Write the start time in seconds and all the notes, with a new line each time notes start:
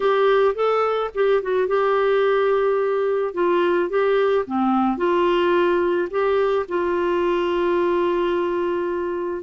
0.00 G4
0.55 A4
1.14 G4
1.42 F#4
1.67 G4
3.33 F4
3.89 G4
4.46 C4
4.97 F4
6.10 G4
6.68 F4